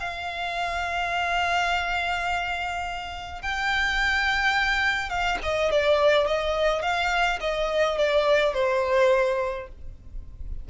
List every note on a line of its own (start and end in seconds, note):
0.00 3.42 F5
3.42 5.10 G5
5.10 5.38 F5
5.43 5.71 D#5
5.71 6.27 D5
6.27 6.82 D#5
6.82 7.39 F5
7.41 7.98 D#5
7.98 8.54 D5
8.54 9.68 C5